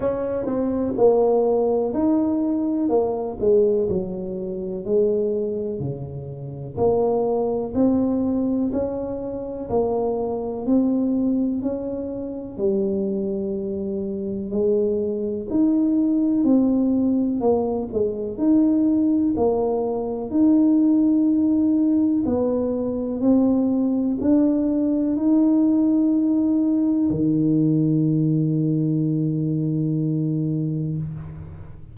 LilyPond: \new Staff \with { instrumentName = "tuba" } { \time 4/4 \tempo 4 = 62 cis'8 c'8 ais4 dis'4 ais8 gis8 | fis4 gis4 cis4 ais4 | c'4 cis'4 ais4 c'4 | cis'4 g2 gis4 |
dis'4 c'4 ais8 gis8 dis'4 | ais4 dis'2 b4 | c'4 d'4 dis'2 | dis1 | }